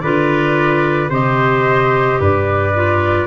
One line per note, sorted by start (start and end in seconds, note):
0.00 1.09 D3
0.00 1.10 F4
0.00 1.10 B4
0.00 1.09 D5
1.09 2.18 C3
1.09 2.73 G4
1.09 2.19 C5
1.09 2.21 D#5
2.19 3.26 G2
2.19 3.26 B4
2.19 3.26 D5
2.74 3.26 F4